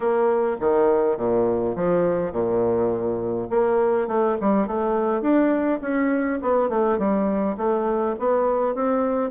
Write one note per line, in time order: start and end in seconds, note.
0.00 0.56 A#3
0.60 1.17 D#3
1.17 1.75 A#2
1.75 2.31 F3
2.31 3.48 A#2
3.50 4.07 A#3
4.07 4.36 A3
4.40 4.67 G3
4.67 5.21 A3
5.21 5.80 D4
5.81 6.39 C#4
6.42 6.69 B3
6.69 6.98 A3
6.98 7.56 G3
7.57 8.15 A3
8.19 8.74 B3
8.74 9.30 C4